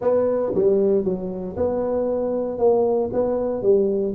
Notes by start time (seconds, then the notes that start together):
0.01 B3
0.55 G3
1.04 F#3
1.56 B3
2.58 A#3
3.12 B3
3.62 G3